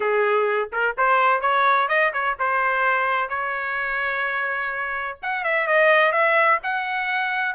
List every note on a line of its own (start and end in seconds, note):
0.00 0.69 G#4
0.72 0.96 A#4
0.97 1.41 C5
1.41 1.88 C#5
1.88 2.12 D#5
2.13 2.36 C#5
2.39 3.29 C5
3.29 5.18 C#5
5.22 5.44 F#5
5.44 5.67 E5
5.67 6.12 D#5
6.12 6.59 E5
6.63 7.55 F#5